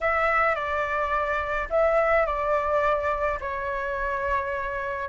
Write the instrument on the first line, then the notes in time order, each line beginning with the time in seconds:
flute
0.00 E5
0.55 D5
1.70 E5
2.26 D5
3.40 C#5